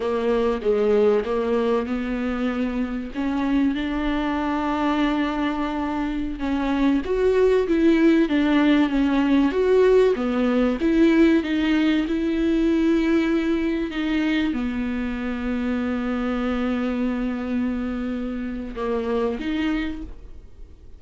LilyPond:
\new Staff \with { instrumentName = "viola" } { \time 4/4 \tempo 4 = 96 ais4 gis4 ais4 b4~ | b4 cis'4 d'2~ | d'2~ d'16 cis'4 fis'8.~ | fis'16 e'4 d'4 cis'4 fis'8.~ |
fis'16 b4 e'4 dis'4 e'8.~ | e'2~ e'16 dis'4 b8.~ | b1~ | b2 ais4 dis'4 | }